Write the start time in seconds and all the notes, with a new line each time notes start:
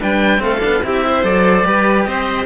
0.00 G3 D4 B4 G5
0.38 A3 C4 F5
0.44 A4
0.60 B3 D4
0.83 C4 E4 G4 E5
1.06 C5
1.23 F#3 A4 D5
1.64 G3 G4 B4
2.04 C4 C5 D#5